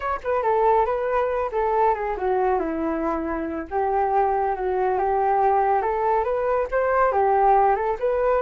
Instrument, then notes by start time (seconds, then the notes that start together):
flute
0.00 C#5
0.23 B4
0.42 A4
0.85 B4
1.51 A4
1.94 G#4
2.17 F#4
2.59 E4
3.70 G4
4.55 F#4
4.98 G4
5.82 A4
6.24 B4
6.71 C5
7.12 G4
7.75 A4
7.99 B4